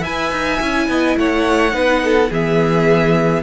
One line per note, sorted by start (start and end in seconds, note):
0.00 0.31 E4
0.00 0.59 B4
0.00 0.85 E5
0.00 1.17 G#5
0.31 0.60 D#4
0.59 0.88 C#4
0.59 1.71 E4
0.88 1.16 B3
0.88 1.18 D#5
1.17 1.73 A3
1.17 1.74 C#5
1.17 2.31 F#5
1.71 2.30 B3
1.71 2.27 D#4
1.71 2.02 B4
2.04 2.30 A4
2.30 3.43 E3
2.30 3.43 B3
2.30 3.43 G#4
2.30 3.43 E5